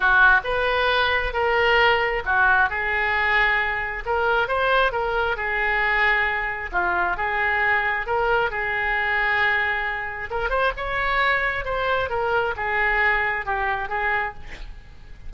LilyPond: \new Staff \with { instrumentName = "oboe" } { \time 4/4 \tempo 4 = 134 fis'4 b'2 ais'4~ | ais'4 fis'4 gis'2~ | gis'4 ais'4 c''4 ais'4 | gis'2. f'4 |
gis'2 ais'4 gis'4~ | gis'2. ais'8 c''8 | cis''2 c''4 ais'4 | gis'2 g'4 gis'4 | }